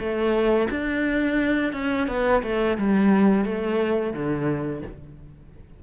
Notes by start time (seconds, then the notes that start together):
0.00 A3
0.71 D4
1.73 C#4
2.08 B3
2.43 A3
2.78 G3
3.45 A3
4.13 D3